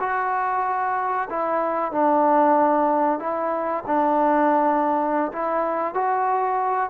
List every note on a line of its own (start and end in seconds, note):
0.00 1.29 F#4
1.30 1.92 E4
1.92 3.20 D4
3.20 3.84 E4
3.87 5.32 D4
5.32 5.94 E4
5.94 6.90 F#4